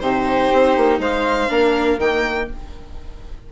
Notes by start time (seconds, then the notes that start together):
0.00 C3 D#4 G4 C5
0.54 C4
0.77 A#3
0.99 G#3 C5 F5
1.49 A#3 D4 A#4
1.98 D#3 A#3 G5